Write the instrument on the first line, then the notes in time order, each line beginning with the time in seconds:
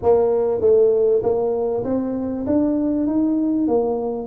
tuba
0.02 A#3
0.60 A3
1.22 A#3
1.84 C4
2.46 D4
3.06 D#4
3.67 A#3